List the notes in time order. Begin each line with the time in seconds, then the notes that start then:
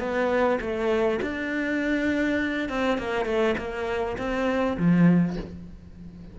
0.00 B3
0.61 A3
1.22 D4
2.69 C4
2.98 A#3
3.26 A3
3.58 A#3
4.18 C4
4.78 F3